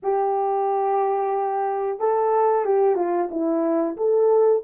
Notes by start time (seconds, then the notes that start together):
0.02 G4
1.99 A4
2.64 G4
2.95 F4
3.30 E4
3.97 A4